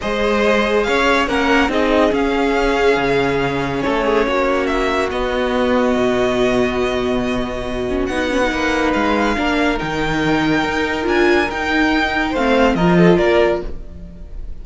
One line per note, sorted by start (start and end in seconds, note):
0.01 0.87 G#3
0.01 1.27 G#4
0.01 0.86 C5
0.01 0.83 D#5
0.83 1.27 C#4
0.83 1.28 C#5
0.83 1.25 F5
1.27 1.68 A#3
1.27 1.69 C#4
1.27 1.70 A#4
1.27 1.70 F#5
1.68 2.11 C4
1.68 2.11 D#4
1.68 3.83 G#4
1.68 2.13 D#5
2.11 5.09 C#4
2.11 2.97 C#4
2.11 3.81 F5
2.97 3.82 C#3
3.81 4.27 A3
3.81 4.05 A4
3.81 4.66 C#5
4.05 4.26 G#4
4.27 5.12 A#3
4.27 8.51 F#4
4.66 5.09 E5
5.10 7.87 B3
5.10 5.95 B3
5.10 8.06 D#5
5.95 8.08 B2
7.89 8.10 C#4
8.06 8.51 B3
8.06 8.30 D#4
8.06 8.91 F#5
8.30 8.41 C#4
8.41 9.36 D#4
8.51 8.94 A#3
8.51 9.37 B4
8.93 9.37 G#3
8.93 9.78 F5
9.36 9.80 A#3
9.36 9.78 D4
9.36 12.30 A#4
9.78 10.64 D#3
9.78 11.03 D#4
9.78 11.06 G5
10.64 11.06 D#4
11.03 11.48 D4
11.03 11.45 F4
11.03 11.50 G#5
11.49 12.34 D#4
11.49 12.35 D#4
11.49 12.35 G5
12.30 12.74 A3
12.30 12.78 C4
12.30 12.73 C5
12.30 12.75 F5
12.74 13.17 F3
12.74 13.65 F4
12.74 12.97 A#4
12.74 13.17 D#5
12.97 13.18 A4
13.17 13.61 A#3
13.17 13.61 A#4
13.17 13.60 D5